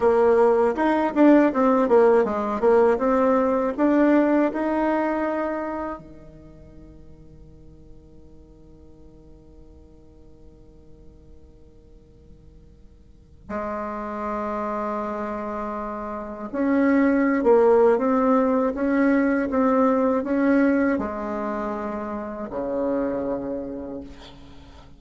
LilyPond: \new Staff \with { instrumentName = "bassoon" } { \time 4/4 \tempo 4 = 80 ais4 dis'8 d'8 c'8 ais8 gis8 ais8 | c'4 d'4 dis'2 | dis1~ | dis1~ |
dis2 gis2~ | gis2 cis'4~ cis'16 ais8. | c'4 cis'4 c'4 cis'4 | gis2 cis2 | }